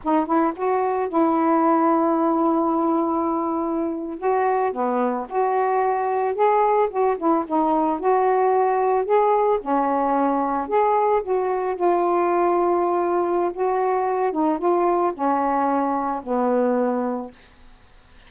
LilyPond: \new Staff \with { instrumentName = "saxophone" } { \time 4/4 \tempo 4 = 111 dis'8 e'8 fis'4 e'2~ | e'2.~ e'8. fis'16~ | fis'8. b4 fis'2 gis'16~ | gis'8. fis'8 e'8 dis'4 fis'4~ fis'16~ |
fis'8. gis'4 cis'2 gis'16~ | gis'8. fis'4 f'2~ f'16~ | f'4 fis'4. dis'8 f'4 | cis'2 b2 | }